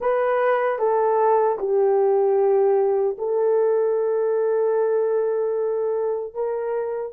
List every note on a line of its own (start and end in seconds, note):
0.00 0.79 B4
0.79 1.58 A4
1.58 3.16 G4
3.18 6.34 A4
6.34 7.12 A#4